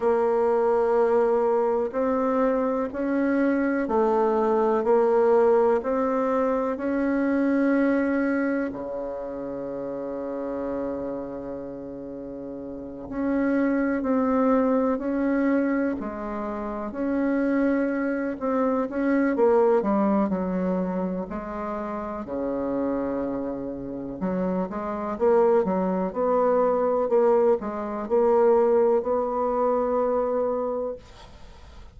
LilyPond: \new Staff \with { instrumentName = "bassoon" } { \time 4/4 \tempo 4 = 62 ais2 c'4 cis'4 | a4 ais4 c'4 cis'4~ | cis'4 cis2.~ | cis4. cis'4 c'4 cis'8~ |
cis'8 gis4 cis'4. c'8 cis'8 | ais8 g8 fis4 gis4 cis4~ | cis4 fis8 gis8 ais8 fis8 b4 | ais8 gis8 ais4 b2 | }